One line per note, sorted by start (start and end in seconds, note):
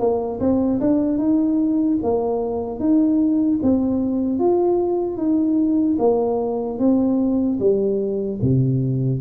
0.00 0.40 A#3
0.40 0.80 C4
0.81 1.18 D4
1.18 1.98 D#4
2.03 2.80 A#3
2.80 3.60 D#4
3.63 4.39 C4
4.39 5.17 F4
5.17 5.97 D#4
5.99 6.79 A#3
6.79 7.59 C4
7.60 8.40 G3
8.42 9.21 C3